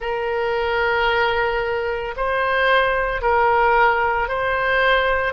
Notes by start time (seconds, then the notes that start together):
0.00 A#4
2.16 C5
3.21 A#4
4.28 C5